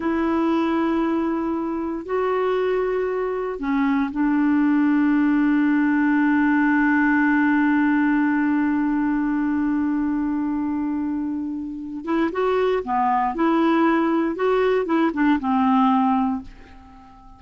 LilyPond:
\new Staff \with { instrumentName = "clarinet" } { \time 4/4 \tempo 4 = 117 e'1 | fis'2. cis'4 | d'1~ | d'1~ |
d'1~ | d'2.~ d'8 e'8 | fis'4 b4 e'2 | fis'4 e'8 d'8 c'2 | }